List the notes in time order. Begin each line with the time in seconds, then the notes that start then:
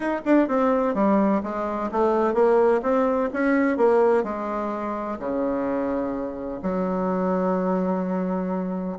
0.00 D#4
0.25 D4
0.47 C4
0.94 G3
1.43 G#3
1.91 A3
2.34 A#3
2.82 C4
3.33 C#4
3.77 A#3
4.23 G#3
5.19 C#3
6.62 F#3